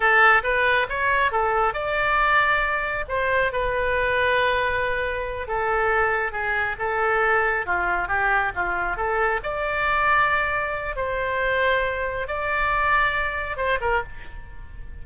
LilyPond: \new Staff \with { instrumentName = "oboe" } { \time 4/4 \tempo 4 = 137 a'4 b'4 cis''4 a'4 | d''2. c''4 | b'1~ | b'8 a'2 gis'4 a'8~ |
a'4. f'4 g'4 f'8~ | f'8 a'4 d''2~ d''8~ | d''4 c''2. | d''2. c''8 ais'8 | }